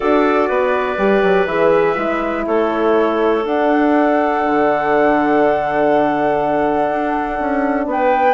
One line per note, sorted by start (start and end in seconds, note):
0.00 0.49 D4
0.00 0.97 F#4
0.00 0.48 A4
0.00 1.46 D5
0.48 0.97 B3
0.48 2.44 B4
0.97 1.22 G3
0.97 1.47 G4
1.22 1.46 F#3
1.46 1.95 E3
1.46 1.95 G#4
1.46 2.45 E5
1.95 2.46 G#3
1.95 3.43 E4
2.46 3.45 A3
2.46 7.87 A4
2.46 3.45 C#5
3.43 8.34 D4
3.43 4.44 D4
3.43 7.87 F#5
4.45 6.90 D3
6.90 7.39 D4
7.39 7.86 C#4
7.86 8.34 B3
7.86 8.34 B4
7.86 8.34 G5